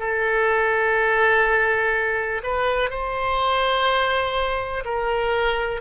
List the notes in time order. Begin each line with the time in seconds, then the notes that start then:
0.00 A4
2.44 B4
2.90 C5
4.85 A#4